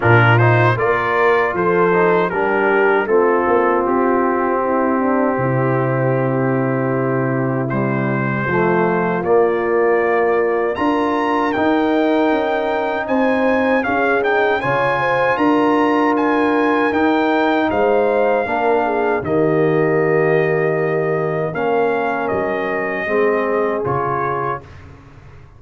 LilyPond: <<
  \new Staff \with { instrumentName = "trumpet" } { \time 4/4 \tempo 4 = 78 ais'8 c''8 d''4 c''4 ais'4 | a'4 g'2.~ | g'2 c''2 | d''2 ais''4 g''4~ |
g''4 gis''4 f''8 g''8 gis''4 | ais''4 gis''4 g''4 f''4~ | f''4 dis''2. | f''4 dis''2 cis''4 | }
  \new Staff \with { instrumentName = "horn" } { \time 4/4 f'4 ais'4 a'4 g'4 | f'2 e'8 d'8 e'4~ | e'2. f'4~ | f'2 ais'2~ |
ais'4 c''4 gis'4 cis''8 c''8 | ais'2. c''4 | ais'8 gis'8 g'2. | ais'2 gis'2 | }
  \new Staff \with { instrumentName = "trombone" } { \time 4/4 d'8 dis'8 f'4. dis'8 d'4 | c'1~ | c'2 g4 a4 | ais2 f'4 dis'4~ |
dis'2 cis'8 dis'8 f'4~ | f'2 dis'2 | d'4 ais2. | cis'2 c'4 f'4 | }
  \new Staff \with { instrumentName = "tuba" } { \time 4/4 ais,4 ais4 f4 g4 | a8 ais8 c'2 c4~ | c2. f4 | ais2 d'4 dis'4 |
cis'4 c'4 cis'4 cis4 | d'2 dis'4 gis4 | ais4 dis2. | ais4 fis4 gis4 cis4 | }
>>